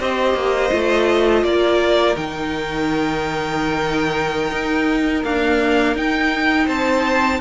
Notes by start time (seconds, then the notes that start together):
0.00 C4 G4 C5 D#5
0.34 A#3
0.71 A3 F4
1.44 A#3 A#4 D5
2.15 D#3 D#4 G5
4.52 D#4
5.24 A#3 D4 F5
5.95 D#4 G5
6.66 C4 C5 A5